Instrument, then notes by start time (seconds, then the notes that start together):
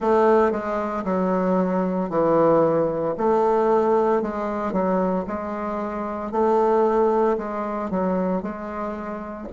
bassoon
0.00 A3
0.51 G#3
1.04 F#3
2.09 E3
3.17 A3
4.22 G#3
4.72 F#3
5.27 G#3
6.32 A3
7.37 G#3
7.90 F#3
8.42 G#3